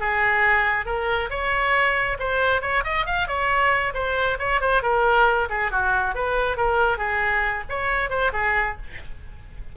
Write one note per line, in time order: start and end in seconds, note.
0.00 0.86 G#4
0.86 1.30 A#4
1.30 2.18 C#5
2.19 2.62 C5
2.62 2.84 C#5
2.84 3.06 D#5
3.06 3.27 F5
3.27 3.93 C#5
3.94 4.38 C5
4.39 4.61 C#5
4.61 4.83 C5
4.83 5.48 A#4
5.50 5.71 G#4
5.71 6.15 F#4
6.15 6.57 B4
6.57 6.98 A#4
6.98 7.63 G#4
7.69 8.10 C#5
8.10 8.32 C5
8.33 8.77 G#4